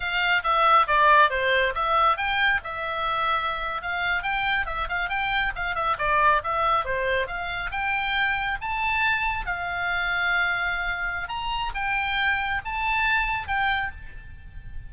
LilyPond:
\new Staff \with { instrumentName = "oboe" } { \time 4/4 \tempo 4 = 138 f''4 e''4 d''4 c''4 | e''4 g''4 e''2~ | e''8. f''4 g''4 e''8 f''8 g''16~ | g''8. f''8 e''8 d''4 e''4 c''16~ |
c''8. f''4 g''2 a''16~ | a''4.~ a''16 f''2~ f''16~ | f''2 ais''4 g''4~ | g''4 a''2 g''4 | }